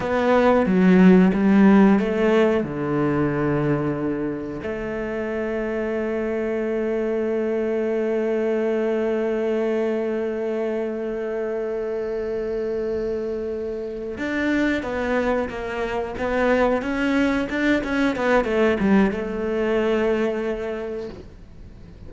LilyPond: \new Staff \with { instrumentName = "cello" } { \time 4/4 \tempo 4 = 91 b4 fis4 g4 a4 | d2. a4~ | a1~ | a1~ |
a1~ | a4. d'4 b4 ais8~ | ais8 b4 cis'4 d'8 cis'8 b8 | a8 g8 a2. | }